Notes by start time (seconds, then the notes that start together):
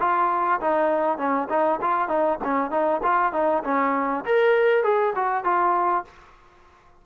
0.00 F4
0.61 D#4
1.18 C#4
1.50 D#4
1.82 F4
2.09 D#4
2.45 C#4
2.71 D#4
3.03 F4
3.33 D#4
3.64 C#4
4.26 A#4
4.84 G#4
5.16 F#4
5.45 F4